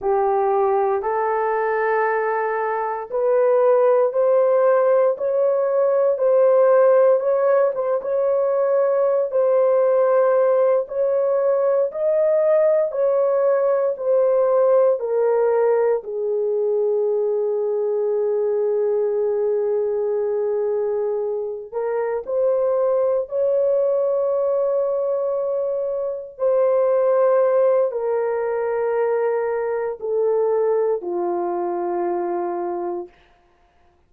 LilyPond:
\new Staff \with { instrumentName = "horn" } { \time 4/4 \tempo 4 = 58 g'4 a'2 b'4 | c''4 cis''4 c''4 cis''8 c''16 cis''16~ | cis''4 c''4. cis''4 dis''8~ | dis''8 cis''4 c''4 ais'4 gis'8~ |
gis'1~ | gis'4 ais'8 c''4 cis''4.~ | cis''4. c''4. ais'4~ | ais'4 a'4 f'2 | }